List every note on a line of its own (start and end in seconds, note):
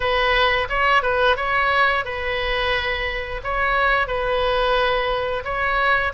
0.00 0.68 B4
0.69 1.02 C#5
1.02 1.36 B4
1.36 2.04 C#5
2.04 3.41 B4
3.43 4.07 C#5
4.07 5.43 B4
5.44 6.12 C#5